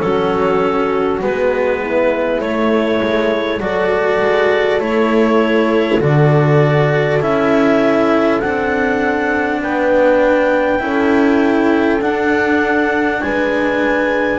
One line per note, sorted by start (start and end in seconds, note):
0.00 1.23 F#3
0.00 1.21 C#4
0.00 1.81 F#4
0.00 1.20 A4
1.21 2.42 G#3
1.21 2.41 B3
1.21 2.41 B4
1.81 3.61 E4
2.41 3.60 A3
2.41 3.02 A3
2.41 3.60 C#5
3.02 3.60 G#3
3.60 4.20 F#3
3.60 4.80 F#4
3.60 9.62 A4
3.60 4.81 D5
4.21 4.79 G#3
4.79 5.99 A3
4.79 6.00 E4
4.79 6.01 C#5
6.00 7.20 D3
6.00 7.20 F#4
6.00 7.23 D5
7.20 8.42 C#4
7.20 8.40 E4
7.20 8.40 E5
8.40 9.62 C4
8.40 10.79 D4
8.40 9.60 F#5
9.62 10.81 B3
9.62 10.82 B4
9.62 12.02 G5
10.79 12.01 C#4
10.79 11.99 E4
10.79 13.23 A4
12.01 13.21 D4
12.01 14.39 D4
12.01 13.21 F#5
13.21 14.39 G#3
13.21 14.39 B4
13.21 14.39 G#5